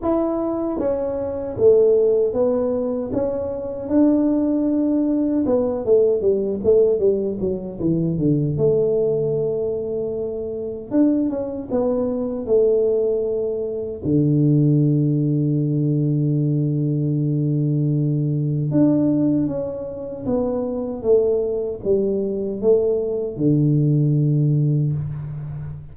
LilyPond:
\new Staff \with { instrumentName = "tuba" } { \time 4/4 \tempo 4 = 77 e'4 cis'4 a4 b4 | cis'4 d'2 b8 a8 | g8 a8 g8 fis8 e8 d8 a4~ | a2 d'8 cis'8 b4 |
a2 d2~ | d1 | d'4 cis'4 b4 a4 | g4 a4 d2 | }